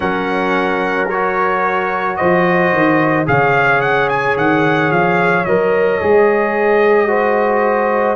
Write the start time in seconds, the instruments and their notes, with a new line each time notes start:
0.00 tuba F#3, trombone C#4, horn A#4, trumpet F#5
1.09 trombone F#4, trumpet C#5
2.16 tuba F3, horn C5, trumpet D#5
2.72 tuba D#3
3.26 tuba C#3, trombone G#4, horn C#5, trumpet F5
3.81 trumpet F#5
4.09 trumpet G#5
4.36 tuba D#3, trumpet F#5
4.90 tuba F3, trumpet F5
5.44 tuba F#3, trombone A#4, trumpet D#5
6.00 tuba G#3, trombone G#4
7.07 trombone F#4, horn C5